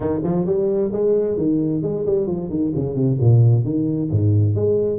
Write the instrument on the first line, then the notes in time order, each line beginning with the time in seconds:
tuba
0.00 D#3
0.23 F3
0.45 G3
0.92 G#3
1.37 D#3
1.82 G#3
2.06 G3
2.26 F3
2.49 D#3
2.75 C#3
2.94 C3
3.20 A#2
3.64 D#3
4.10 G#2
4.55 G#3